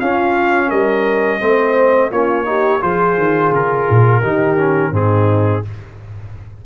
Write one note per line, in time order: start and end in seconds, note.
0.00 0.71 C#4
0.00 1.40 C#4
0.00 0.68 F4
0.00 0.70 F5
0.68 1.42 G3
0.68 1.38 A#4
0.68 2.11 D#5
1.40 2.11 A3
1.40 2.11 C4
1.40 2.11 C5
2.11 2.82 A#3
2.11 2.45 C#4
2.11 2.46 F4
2.11 2.82 C#5
2.45 2.80 D#4
2.45 2.82 G4
2.81 3.17 F3
2.81 4.22 F4
2.81 4.21 G#4
2.81 3.53 C5
3.17 3.51 D#3
3.51 3.86 C#3
3.51 4.95 A#4
3.90 4.23 A#2
4.21 4.91 D#3
4.21 4.57 D#4
4.21 4.92 G4
4.57 4.92 C#4
4.91 5.62 G#2
4.91 5.63 C4
4.91 5.63 D#4
4.91 5.65 G#4